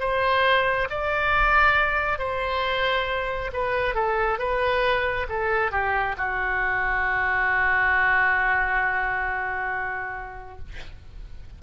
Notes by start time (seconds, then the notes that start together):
0.00 C5
0.89 D5
2.18 C5
3.53 B4
3.95 A4
4.38 B4
5.29 A4
5.71 G4
6.17 F#4